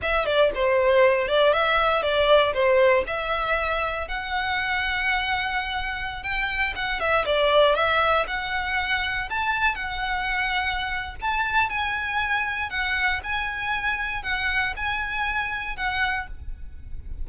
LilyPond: \new Staff \with { instrumentName = "violin" } { \time 4/4 \tempo 4 = 118 e''8 d''8 c''4. d''8 e''4 | d''4 c''4 e''2 | fis''1~ | fis''16 g''4 fis''8 e''8 d''4 e''8.~ |
e''16 fis''2 a''4 fis''8.~ | fis''2 a''4 gis''4~ | gis''4 fis''4 gis''2 | fis''4 gis''2 fis''4 | }